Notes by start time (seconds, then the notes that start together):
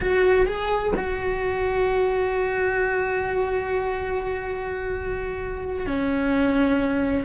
0.00 F#4
0.46 G#4
0.95 F#4
5.86 C#4